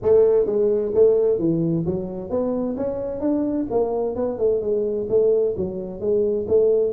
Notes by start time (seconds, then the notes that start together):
0.02 A3
0.46 G#3
0.94 A3
1.38 E3
1.86 F#3
2.30 B3
2.77 C#4
3.20 D4
3.70 A#3
4.15 B3
4.38 A3
4.61 G#3
5.09 A3
5.56 F#3
6.00 G#3
6.47 A3